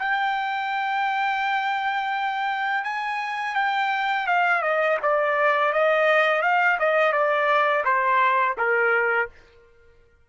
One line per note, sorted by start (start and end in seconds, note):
0.00 2.84 G5
2.84 3.56 G#5
3.56 4.27 G5
4.27 4.62 F5
4.62 4.98 D#5
5.03 5.73 D5
5.73 6.43 D#5
6.43 6.78 F5
6.80 7.13 D#5
7.13 7.84 D5
7.85 8.56 C5
8.58 9.29 A#4